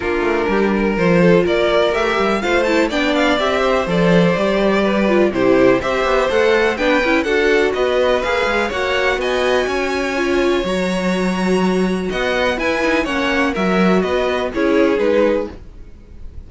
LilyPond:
<<
  \new Staff \with { instrumentName = "violin" } { \time 4/4 \tempo 4 = 124 ais'2 c''4 d''4 | e''4 f''8 a''8 g''8 f''8 e''4 | d''2. c''4 | e''4 fis''4 g''4 fis''4 |
dis''4 f''4 fis''4 gis''4~ | gis''2 ais''2~ | ais''4 fis''4 gis''4 fis''4 | e''4 dis''4 cis''4 b'4 | }
  \new Staff \with { instrumentName = "violin" } { \time 4/4 f'4 g'8 ais'4 a'8 ais'4~ | ais'4 c''4 d''4. c''8~ | c''2 b'4 g'4 | c''2 b'4 a'4 |
b'2 cis''4 dis''4 | cis''1~ | cis''4 dis''4 b'4 cis''4 | ais'4 b'4 gis'2 | }
  \new Staff \with { instrumentName = "viola" } { \time 4/4 d'2 f'2 | g'4 f'8 e'8 d'4 g'4 | a'4 g'4. f'8 e'4 | g'4 a'4 d'8 e'8 fis'4~ |
fis'4 gis'4 fis'2~ | fis'4 f'4 fis'2~ | fis'2 e'8 dis'8 cis'4 | fis'2 e'4 dis'4 | }
  \new Staff \with { instrumentName = "cello" } { \time 4/4 ais8 a8 g4 f4 ais4 | a8 g8 a4 b4 c'4 | f4 g2 c4 | c'8 b8 a4 b8 cis'8 d'4 |
b4 ais8 gis8 ais4 b4 | cis'2 fis2~ | fis4 b4 e'4 ais4 | fis4 b4 cis'4 gis4 | }
>>